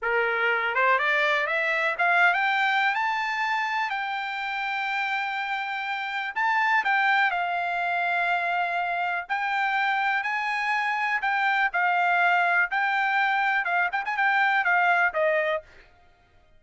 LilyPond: \new Staff \with { instrumentName = "trumpet" } { \time 4/4 \tempo 4 = 123 ais'4. c''8 d''4 e''4 | f''8. g''4~ g''16 a''2 | g''1~ | g''4 a''4 g''4 f''4~ |
f''2. g''4~ | g''4 gis''2 g''4 | f''2 g''2 | f''8 g''16 gis''16 g''4 f''4 dis''4 | }